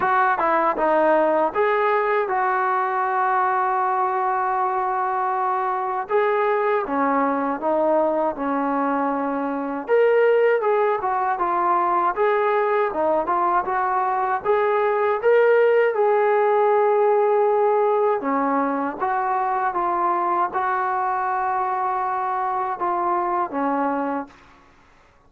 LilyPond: \new Staff \with { instrumentName = "trombone" } { \time 4/4 \tempo 4 = 79 fis'8 e'8 dis'4 gis'4 fis'4~ | fis'1 | gis'4 cis'4 dis'4 cis'4~ | cis'4 ais'4 gis'8 fis'8 f'4 |
gis'4 dis'8 f'8 fis'4 gis'4 | ais'4 gis'2. | cis'4 fis'4 f'4 fis'4~ | fis'2 f'4 cis'4 | }